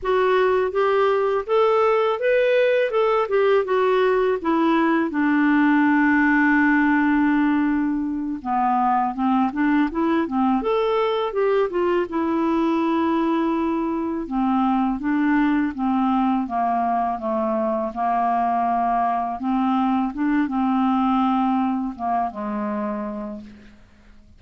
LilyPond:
\new Staff \with { instrumentName = "clarinet" } { \time 4/4 \tempo 4 = 82 fis'4 g'4 a'4 b'4 | a'8 g'8 fis'4 e'4 d'4~ | d'2.~ d'8 b8~ | b8 c'8 d'8 e'8 c'8 a'4 g'8 |
f'8 e'2. c'8~ | c'8 d'4 c'4 ais4 a8~ | a8 ais2 c'4 d'8 | c'2 ais8 gis4. | }